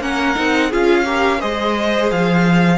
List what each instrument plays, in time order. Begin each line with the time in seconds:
0.00 cello A#3, viola C#4, violin A#4 F#5
0.36 cello C4, viola D#4
0.70 cello C#4, viola F4, violin G#4 F5
1.05 viola G4, violin A#4
1.40 cello G#3, viola G#4, violin C5 D#5
2.11 cello F3, violin F5